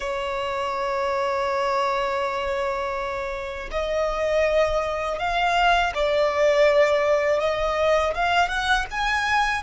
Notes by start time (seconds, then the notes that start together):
0.00 C#5
3.71 D#5
5.18 F5
5.94 D5
7.40 D#5
8.14 F5
8.48 F#5
8.91 G#5